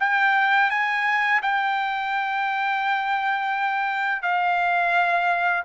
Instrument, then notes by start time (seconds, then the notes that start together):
trumpet
0.00 G5
0.71 G#5
1.43 G5
4.23 F5